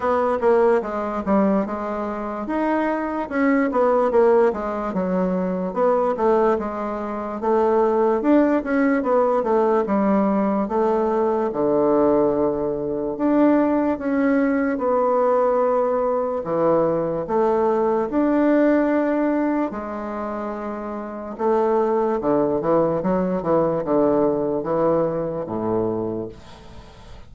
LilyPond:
\new Staff \with { instrumentName = "bassoon" } { \time 4/4 \tempo 4 = 73 b8 ais8 gis8 g8 gis4 dis'4 | cis'8 b8 ais8 gis8 fis4 b8 a8 | gis4 a4 d'8 cis'8 b8 a8 | g4 a4 d2 |
d'4 cis'4 b2 | e4 a4 d'2 | gis2 a4 d8 e8 | fis8 e8 d4 e4 a,4 | }